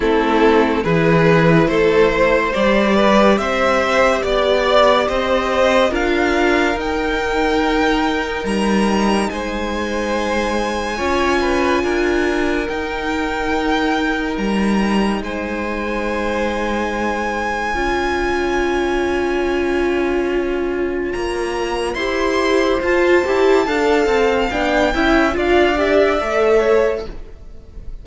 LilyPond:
<<
  \new Staff \with { instrumentName = "violin" } { \time 4/4 \tempo 4 = 71 a'4 b'4 c''4 d''4 | e''4 d''4 dis''4 f''4 | g''2 ais''4 gis''4~ | gis''2. g''4~ |
g''4 ais''4 gis''2~ | gis''1~ | gis''4 ais''4 c'''4 a''4~ | a''4 g''4 f''8 e''4. | }
  \new Staff \with { instrumentName = "violin" } { \time 4/4 e'4 gis'4 a'8 c''4 b'8 | c''4 d''4 c''4 ais'4~ | ais'2. c''4~ | c''4 cis''8 b'8 ais'2~ |
ais'2 c''2~ | c''4 cis''2.~ | cis''2 c''2 | f''4. e''8 d''4. cis''8 | }
  \new Staff \with { instrumentName = "viola" } { \time 4/4 c'4 e'2 g'4~ | g'2. f'4 | dis'1~ | dis'4 f'2 dis'4~ |
dis'1~ | dis'4 f'2.~ | f'2 g'4 f'8 g'8 | a'4 d'8 e'8 f'8 g'8 a'4 | }
  \new Staff \with { instrumentName = "cello" } { \time 4/4 a4 e4 a4 g4 | c'4 b4 c'4 d'4 | dis'2 g4 gis4~ | gis4 cis'4 d'4 dis'4~ |
dis'4 g4 gis2~ | gis4 cis'2.~ | cis'4 ais4 e'4 f'8 e'8 | d'8 c'8 b8 cis'8 d'4 a4 | }
>>